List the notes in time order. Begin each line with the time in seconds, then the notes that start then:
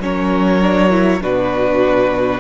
0.00 F#3 C#4 A#4 C#5
0.62 D4
0.91 E4
1.22 B2 D4 F#4 B4